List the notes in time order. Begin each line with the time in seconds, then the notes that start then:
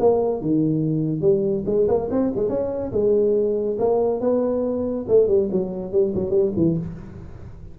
0.00 A#3
0.42 D#3
1.22 G3
1.66 G#3
1.88 A#3
2.11 C4
2.36 G#3
2.50 C#4
2.92 G#3
3.79 A#3
4.21 B3
5.09 A3
5.28 G3
5.52 F#3
5.92 G3
6.15 F#3
6.31 G3
6.57 E3